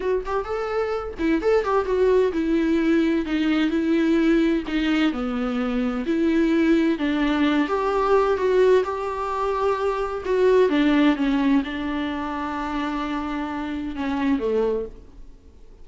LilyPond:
\new Staff \with { instrumentName = "viola" } { \time 4/4 \tempo 4 = 129 fis'8 g'8 a'4. e'8 a'8 g'8 | fis'4 e'2 dis'4 | e'2 dis'4 b4~ | b4 e'2 d'4~ |
d'8 g'4. fis'4 g'4~ | g'2 fis'4 d'4 | cis'4 d'2.~ | d'2 cis'4 a4 | }